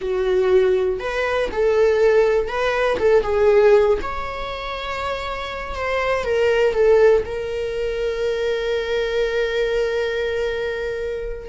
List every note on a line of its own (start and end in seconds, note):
0.01 0.99 F#4
0.99 1.49 B4
1.51 2.48 A4
2.48 2.97 B4
2.98 3.22 A4
3.22 3.97 G#4
4.02 5.75 C#5
5.75 6.24 C5
6.24 6.73 A#4
6.73 7.23 A4
7.25 11.49 A#4